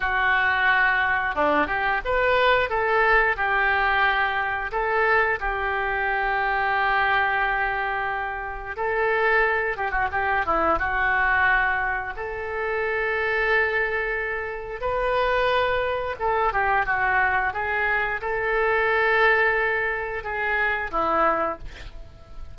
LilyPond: \new Staff \with { instrumentName = "oboe" } { \time 4/4 \tempo 4 = 89 fis'2 d'8 g'8 b'4 | a'4 g'2 a'4 | g'1~ | g'4 a'4. g'16 fis'16 g'8 e'8 |
fis'2 a'2~ | a'2 b'2 | a'8 g'8 fis'4 gis'4 a'4~ | a'2 gis'4 e'4 | }